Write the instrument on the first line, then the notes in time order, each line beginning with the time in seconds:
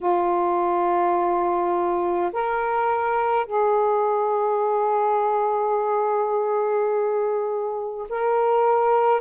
saxophone
0.00 F4
2.32 A#4
3.46 G#4
8.09 A#4